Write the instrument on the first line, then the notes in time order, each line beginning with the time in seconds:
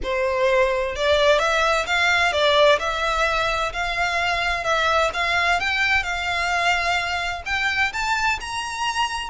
violin
0.03 C5
0.95 D5
1.38 E5
1.86 F5
2.32 D5
2.79 E5
3.73 F5
4.64 E5
5.13 F5
5.60 G5
6.03 F5
7.45 G5
7.92 A5
8.40 A#5